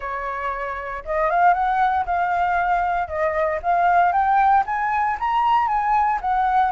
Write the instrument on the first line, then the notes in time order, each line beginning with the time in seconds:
flute
0.00 C#5
1.05 D#5
1.30 F5
1.53 F#5
2.05 F5
3.08 D#5
3.62 F5
4.12 G5
4.66 G#5
5.19 A#5
5.67 G#5
6.21 F#5